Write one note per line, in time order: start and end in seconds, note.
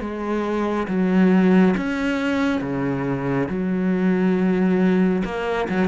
0.00 0.87 G#3
0.88 1.75 F#3
1.77 2.61 C#4
2.61 3.48 C#3
3.49 5.23 F#3
5.25 5.68 A#3
5.69 5.88 F#3